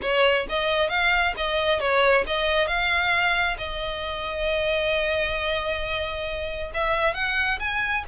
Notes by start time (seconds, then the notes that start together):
0.02 C#5
0.49 D#5
0.89 F5
1.37 D#5
1.80 C#5
2.27 D#5
2.67 F5
3.58 D#5
6.74 E5
7.13 F#5
7.59 G#5